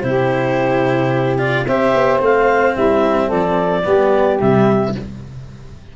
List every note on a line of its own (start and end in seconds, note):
0.00 1.66 C3
0.00 1.38 E4
0.00 1.66 G4
0.00 1.36 C5
1.38 1.65 F4
1.38 1.66 D5
1.66 1.93 C4
1.66 2.19 G4
1.66 2.74 C5
1.66 2.21 E5
1.94 2.20 B3
2.19 2.74 A3
2.19 3.82 C4
2.19 2.76 F5
2.74 3.31 G3
2.74 3.26 E4
2.74 3.30 E5
3.26 3.85 F3
3.26 3.80 A4
3.26 4.39 D5
3.83 4.40 G3
3.83 4.38 B3
3.83 4.92 G4
4.40 4.96 C3
4.40 4.95 G3
4.40 4.94 E5